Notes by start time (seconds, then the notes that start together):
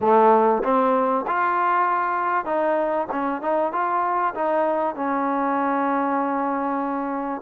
0.00 A3
0.63 C4
1.27 F4
2.45 D#4
3.11 C#4
3.41 D#4
3.72 F4
4.34 D#4
4.95 C#4